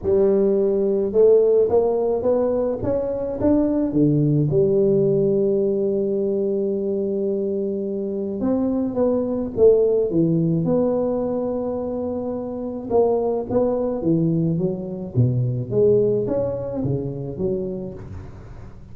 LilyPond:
\new Staff \with { instrumentName = "tuba" } { \time 4/4 \tempo 4 = 107 g2 a4 ais4 | b4 cis'4 d'4 d4 | g1~ | g2. c'4 |
b4 a4 e4 b4~ | b2. ais4 | b4 e4 fis4 b,4 | gis4 cis'4 cis4 fis4 | }